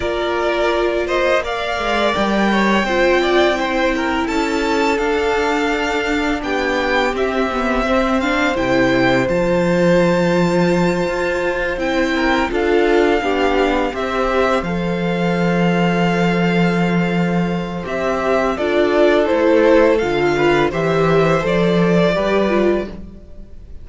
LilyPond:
<<
  \new Staff \with { instrumentName = "violin" } { \time 4/4 \tempo 4 = 84 d''4. dis''8 f''4 g''4~ | g''2 a''4 f''4~ | f''4 g''4 e''4. f''8 | g''4 a''2.~ |
a''8 g''4 f''2 e''8~ | e''8 f''2.~ f''8~ | f''4 e''4 d''4 c''4 | f''4 e''4 d''2 | }
  \new Staff \with { instrumentName = "violin" } { \time 4/4 ais'4. c''8 d''4. cis''8 | c''8 d''8 c''8 ais'8 a'2~ | a'4 g'2 c''4~ | c''1~ |
c''4 ais'8 a'4 g'4 c''8~ | c''1~ | c''2 a'2~ | a'8 b'8 c''2 b'4 | }
  \new Staff \with { instrumentName = "viola" } { \time 4/4 f'2 ais'2 | f'4 e'2 d'4~ | d'2 c'8 b8 c'8 d'8 | e'4 f'2.~ |
f'8 e'4 f'4 d'4 g'8~ | g'8 a'2.~ a'8~ | a'4 g'4 f'4 e'4 | f'4 g'4 a'4 g'8 f'8 | }
  \new Staff \with { instrumentName = "cello" } { \time 4/4 ais2~ ais8 gis8 g4 | c'2 cis'4 d'4~ | d'4 b4 c'2 | c4 f2~ f8 f'8~ |
f'8 c'4 d'4 b4 c'8~ | c'8 f2.~ f8~ | f4 c'4 d'4 a4 | d4 e4 f4 g4 | }
>>